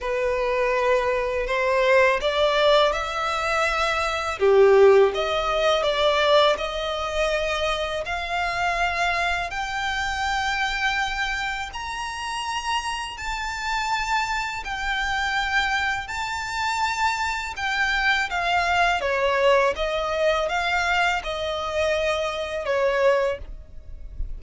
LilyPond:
\new Staff \with { instrumentName = "violin" } { \time 4/4 \tempo 4 = 82 b'2 c''4 d''4 | e''2 g'4 dis''4 | d''4 dis''2 f''4~ | f''4 g''2. |
ais''2 a''2 | g''2 a''2 | g''4 f''4 cis''4 dis''4 | f''4 dis''2 cis''4 | }